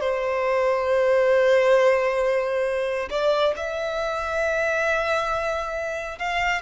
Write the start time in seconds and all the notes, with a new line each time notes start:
0.00 C5
3.10 D5
3.57 E5
6.18 F5